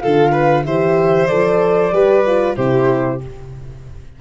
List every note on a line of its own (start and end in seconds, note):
0.00 0.66 D3
0.00 0.66 F4
0.00 0.32 A4
0.00 0.64 F5
0.32 0.64 B4
0.65 1.30 E3
0.65 1.29 G4
0.65 1.94 C5
0.65 1.28 E5
1.28 1.93 F3
1.28 1.93 A4
1.28 2.55 D5
1.93 2.57 G3
1.93 2.25 G4
1.93 2.56 B4
2.27 2.57 F4
2.56 3.21 C3
2.56 3.21 E4
2.56 3.20 G4
2.56 3.21 C5